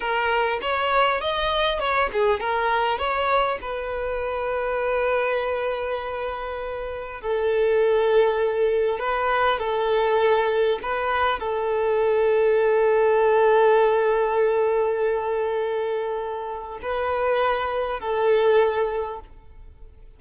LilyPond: \new Staff \with { instrumentName = "violin" } { \time 4/4 \tempo 4 = 100 ais'4 cis''4 dis''4 cis''8 gis'8 | ais'4 cis''4 b'2~ | b'1 | a'2. b'4 |
a'2 b'4 a'4~ | a'1~ | a'1 | b'2 a'2 | }